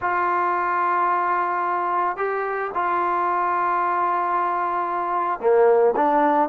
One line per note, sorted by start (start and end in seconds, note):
0.01 2.16 F4
2.16 2.70 G4
2.74 5.40 F4
5.40 5.94 A#3
5.96 6.49 D4